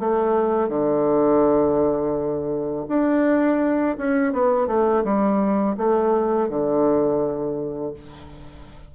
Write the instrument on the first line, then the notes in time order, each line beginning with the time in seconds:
bassoon
0.00 A3
0.69 D3
2.88 D4
3.98 C#4
4.33 B3
4.68 A3
5.04 G3
5.78 A3
6.49 D3